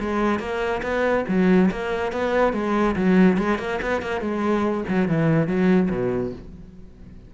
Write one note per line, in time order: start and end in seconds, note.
0.00 0.39 G#3
0.39 0.82 A#3
0.83 1.25 B3
1.28 1.71 F#3
1.71 2.12 A#3
2.12 2.53 B3
2.53 2.95 G#3
2.96 3.38 F#3
3.38 3.59 G#3
3.59 3.80 A#3
3.82 4.02 B3
4.02 4.21 A#3
4.21 4.84 G#3
4.88 5.08 F#3
5.08 5.47 E3
5.47 5.90 F#3
5.90 6.33 B2